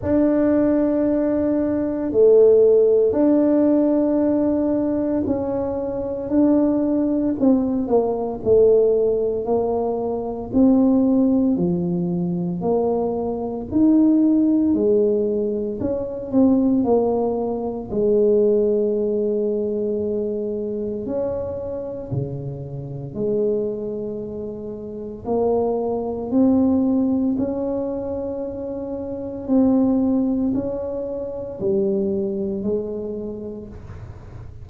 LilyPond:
\new Staff \with { instrumentName = "tuba" } { \time 4/4 \tempo 4 = 57 d'2 a4 d'4~ | d'4 cis'4 d'4 c'8 ais8 | a4 ais4 c'4 f4 | ais4 dis'4 gis4 cis'8 c'8 |
ais4 gis2. | cis'4 cis4 gis2 | ais4 c'4 cis'2 | c'4 cis'4 g4 gis4 | }